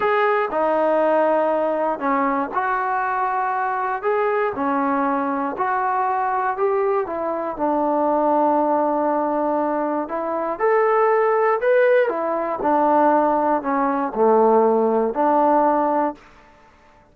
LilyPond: \new Staff \with { instrumentName = "trombone" } { \time 4/4 \tempo 4 = 119 gis'4 dis'2. | cis'4 fis'2. | gis'4 cis'2 fis'4~ | fis'4 g'4 e'4 d'4~ |
d'1 | e'4 a'2 b'4 | e'4 d'2 cis'4 | a2 d'2 | }